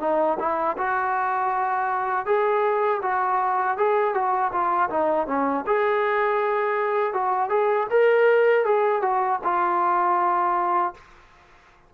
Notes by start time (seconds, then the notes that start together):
0.00 D#4
0.39 E4
0.77 F#4
2.26 G#4
3.02 F#4
3.77 G#4
4.14 F#4
4.52 F4
4.90 D#4
5.27 C#4
5.66 G#4
7.13 F#4
7.49 G#4
7.90 A#4
8.65 G#4
9.02 F#4
9.44 F4